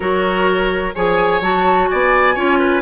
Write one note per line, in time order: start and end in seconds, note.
0.00 0.94 F#3
0.00 0.92 F#4
0.00 0.94 A#4
0.00 0.93 C#5
0.94 1.40 F3
0.94 1.41 G#4
0.94 1.89 C#5
0.94 1.42 G#5
1.40 1.88 F#3
1.40 2.36 F#4
1.40 1.88 A5
1.88 2.36 B3
1.88 2.35 D5
1.88 2.81 G#5
2.35 2.81 C#4
2.35 2.81 F4
2.35 2.58 C#5
2.58 2.81 B4